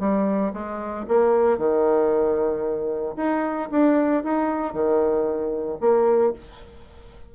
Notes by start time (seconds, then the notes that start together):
0.00 G3
0.54 G#3
1.09 A#3
1.58 D#3
3.17 D#4
3.72 D4
4.24 D#4
4.73 D#3
5.81 A#3